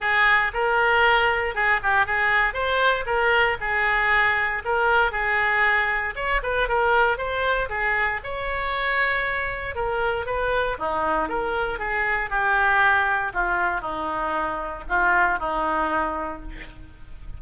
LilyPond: \new Staff \with { instrumentName = "oboe" } { \time 4/4 \tempo 4 = 117 gis'4 ais'2 gis'8 g'8 | gis'4 c''4 ais'4 gis'4~ | gis'4 ais'4 gis'2 | cis''8 b'8 ais'4 c''4 gis'4 |
cis''2. ais'4 | b'4 dis'4 ais'4 gis'4 | g'2 f'4 dis'4~ | dis'4 f'4 dis'2 | }